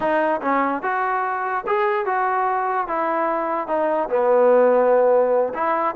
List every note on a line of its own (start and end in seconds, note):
0.00 0.41 D#4
0.41 0.82 C#4
0.82 1.64 F#4
1.66 2.05 G#4
2.05 2.87 F#4
2.87 3.67 E4
3.67 4.08 D#4
4.09 5.53 B3
5.54 5.95 E4